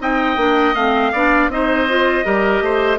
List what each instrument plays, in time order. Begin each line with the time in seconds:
0.00 bassoon C4, clarinet D#4, oboe D#5, trumpet G5
0.37 bassoon A#3, clarinet D4
0.75 bassoon A3, clarinet C4, trumpet F5
1.13 bassoon B3, clarinet D4, oboe D5
1.49 bassoon C4, clarinet D#4, oboe C5, trumpet D#5
1.89 clarinet F4
2.25 bassoon G3, clarinet G4, oboe A#4
2.61 bassoon A3, oboe C5